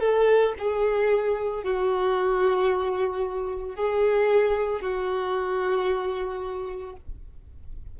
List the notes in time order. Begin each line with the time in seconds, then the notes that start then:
0.00 A4
0.58 G#4
1.64 F#4
3.75 G#4
4.81 F#4